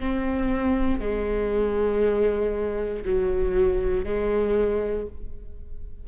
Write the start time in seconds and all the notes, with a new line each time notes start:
0.00 C4
1.01 G#3
3.06 F#3
4.05 G#3